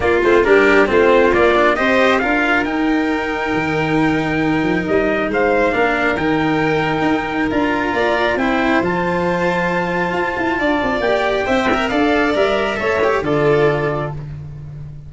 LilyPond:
<<
  \new Staff \with { instrumentName = "trumpet" } { \time 4/4 \tempo 4 = 136 d''8 c''8 ais'4 c''4 d''4 | dis''4 f''4 g''2~ | g''2. dis''4 | f''2 g''2~ |
g''4 ais''2 g''4 | a''1~ | a''4 g''2 f''4 | e''2 d''2 | }
  \new Staff \with { instrumentName = "violin" } { \time 4/4 f'4 g'4 f'2 | c''4 ais'2.~ | ais'1 | c''4 ais'2.~ |
ais'2 d''4 c''4~ | c''1 | d''2 e''4 d''4~ | d''4 cis''4 a'2 | }
  \new Staff \with { instrumentName = "cello" } { \time 4/4 ais8 c'8 d'4 c'4 ais8 d'8 | g'4 f'4 dis'2~ | dis'1~ | dis'4 d'4 dis'2~ |
dis'4 f'2 e'4 | f'1~ | f'4 g'4 c''8 ais'8 a'4 | ais'4 a'8 g'8 f'2 | }
  \new Staff \with { instrumentName = "tuba" } { \time 4/4 ais8 a8 g4 a4 ais4 | c'4 d'4 dis'2 | dis2~ dis8 f8 g4 | gis4 ais4 dis2 |
dis'4 d'4 ais4 c'4 | f2. f'8 e'8 | d'8 c'8 ais4 c'4 d'4 | g4 a4 d2 | }
>>